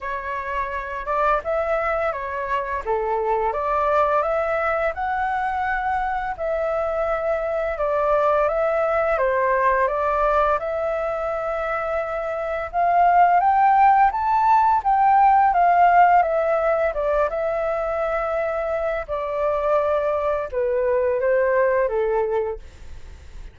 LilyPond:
\new Staff \with { instrumentName = "flute" } { \time 4/4 \tempo 4 = 85 cis''4. d''8 e''4 cis''4 | a'4 d''4 e''4 fis''4~ | fis''4 e''2 d''4 | e''4 c''4 d''4 e''4~ |
e''2 f''4 g''4 | a''4 g''4 f''4 e''4 | d''8 e''2~ e''8 d''4~ | d''4 b'4 c''4 a'4 | }